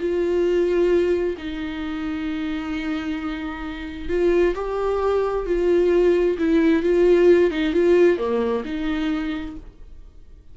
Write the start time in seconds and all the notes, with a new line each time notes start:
0.00 F4
1.38 D#4
4.09 F4
4.55 G4
5.46 F4
6.38 E4
6.83 F4
7.51 D#4
7.73 F4
8.18 A#3
8.65 D#4